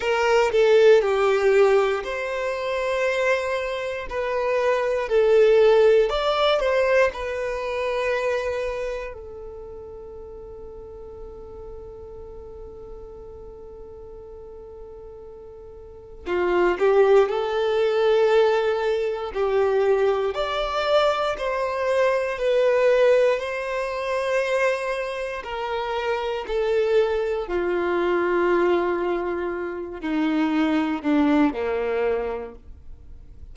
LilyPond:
\new Staff \with { instrumentName = "violin" } { \time 4/4 \tempo 4 = 59 ais'8 a'8 g'4 c''2 | b'4 a'4 d''8 c''8 b'4~ | b'4 a'2.~ | a'1 |
f'8 g'8 a'2 g'4 | d''4 c''4 b'4 c''4~ | c''4 ais'4 a'4 f'4~ | f'4. dis'4 d'8 ais4 | }